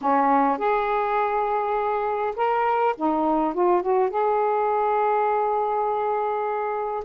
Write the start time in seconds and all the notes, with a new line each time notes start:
0.01 C#4
0.58 G#4
2.36 A#4
2.96 D#4
3.54 F4
3.82 F#4
4.10 G#4